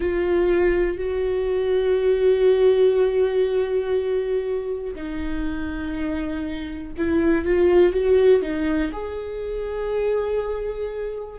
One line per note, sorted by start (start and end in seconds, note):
0.00 0.97 F4
0.97 4.94 F#4
4.95 6.93 D#4
6.97 7.45 E4
7.45 7.93 F4
7.93 8.42 F#4
8.42 8.91 D#4
8.92 11.39 G#4